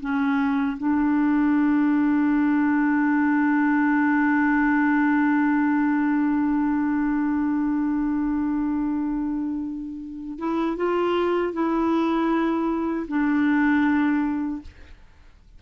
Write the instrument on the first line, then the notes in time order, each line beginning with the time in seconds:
clarinet
0.00 C#4
0.77 D4
10.38 E4
10.77 F4
11.53 E4
13.08 D4